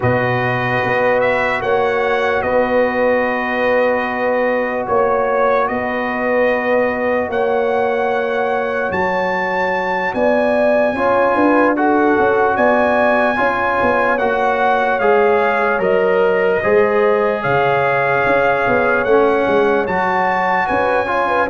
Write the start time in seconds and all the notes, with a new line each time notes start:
0.00 B2 F#4 B4 D#5
0.84 B3
1.20 E5
1.61 A#3 C#5 F#5
2.42 B3 B4 D#5
4.87 A#3 C#5
5.67 B3 B4 D#5
7.28 A#3 C#5 F#5
8.91 F#3 A5
10.14 B3 D5 G#5
10.93 C#4 F4 C#5
11.35 D4 B4
11.76 F#4 A4 F#5
12.18 C#4
12.56 B3 D5 G#5
13.36 C#4 F4 C#5
13.81 B3
14.18 A#3 F#4 F#5
14.99 G#3 G#4 F5
15.79 F#3 A#4 D#5
16.62 G#3 G#4 C5
17.41 C#3 C#5 F5
18.26 C#4
18.67 B3
19.04 A3 C#4 F#5
19.47 G#3
19.86 F#3 F#4 A5
20.66 C#4 B4 G#5
21.06 F4 C#5
21.28 B4